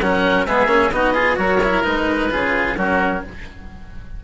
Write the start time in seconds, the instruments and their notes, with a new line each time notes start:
0.00 bassoon F#3, cello C#4, oboe A#4 F#5
0.46 bassoon G#3, cello B3, oboe G#4 E5
0.67 bassoon A#3, cello C#4
0.92 bassoon B3, cello D#4, oboe F#4 D#5
1.14 cello F4, oboe G#4
1.35 bassoon F#3, cello F#4, oboe A#4 C#5
1.64 cello E4
1.83 bassoon G#3, cello D#4, oboe B4
2.30 bassoon C#3, cello F4, oboe G#4
2.77 bassoon F#3, cello C#4, oboe F#4 A#4